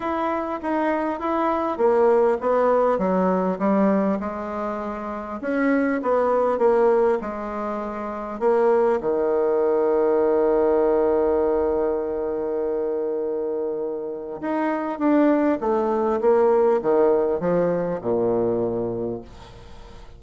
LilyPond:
\new Staff \with { instrumentName = "bassoon" } { \time 4/4 \tempo 4 = 100 e'4 dis'4 e'4 ais4 | b4 fis4 g4 gis4~ | gis4 cis'4 b4 ais4 | gis2 ais4 dis4~ |
dis1~ | dis1 | dis'4 d'4 a4 ais4 | dis4 f4 ais,2 | }